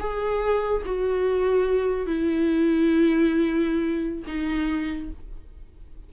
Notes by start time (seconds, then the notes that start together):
0.00 G#4
0.85 F#4
2.07 E4
4.27 D#4